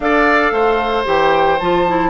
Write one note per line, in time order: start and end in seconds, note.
0.00 0.51 D4
0.00 1.04 A4
0.00 0.53 D5
0.00 1.05 F5
0.51 1.04 A3
0.51 2.10 C5
1.04 1.59 E3
1.04 1.57 G4
1.04 1.59 G5
1.59 2.10 F3
1.59 1.87 F4
1.59 2.10 A5
1.87 2.10 E4